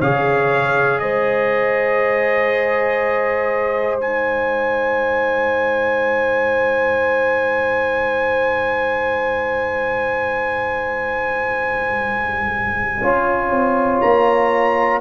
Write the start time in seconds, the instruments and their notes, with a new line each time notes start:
0.00 tuba C#3, trombone G#4, horn C#5, trumpet F5
0.99 tuba G#3, horn C5, trumpet D#5
4.00 trombone D#4, trumpet G#5
13.01 tuba C#4, trombone F4, horn C#5
13.51 tuba C4
14.01 tuba A#3, trumpet A#5